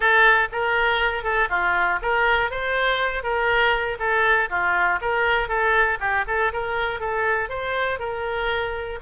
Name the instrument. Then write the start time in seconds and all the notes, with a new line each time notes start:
oboe
0.00 A4
0.52 A#4
1.23 A4
1.49 F4
2.02 A#4
2.50 C5
3.22 A#4
3.99 A4
4.49 F4
5.01 A#4
5.48 A4
6.00 G4
6.27 A4
6.52 A#4
7.00 A4
7.49 C5
7.99 A#4